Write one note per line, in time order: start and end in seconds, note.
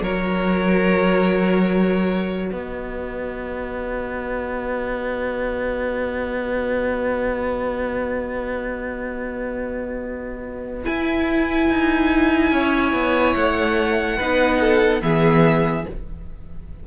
0.00 2.51 F#3
0.00 10.83 F#4
0.00 2.51 A#4
0.00 2.52 C#5
2.51 10.85 B3
2.51 12.51 B4
2.51 10.85 D#5
10.84 14.17 E4
10.84 11.69 E4
10.84 13.35 G#5
11.69 12.51 D#4
12.51 12.93 C#4
12.51 14.16 C#5
12.93 13.34 B3
13.35 14.19 A3
13.35 15.01 F#5
14.16 15.02 B3
14.16 15.01 D#4
14.16 14.58 B4
14.60 15.02 A4
15.01 15.85 E3
15.01 15.84 B3
15.01 15.87 G#4
15.01 15.86 E5